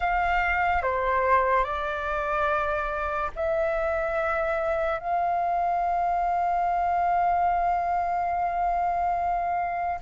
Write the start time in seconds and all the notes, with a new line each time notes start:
0.00 F5
0.82 C5
1.64 D5
3.35 E5
4.99 F5